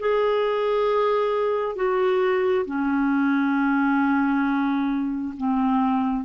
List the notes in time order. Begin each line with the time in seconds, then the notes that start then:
0.00 G#4
1.76 F#4
2.66 C#4
5.37 C4